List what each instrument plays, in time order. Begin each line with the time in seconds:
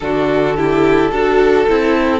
0.00 cello D3, viola D4, violin F#4 A4
0.56 viola E4, violin G4
1.11 cello D4, viola F#4, violin A4
1.68 cello C4, viola E4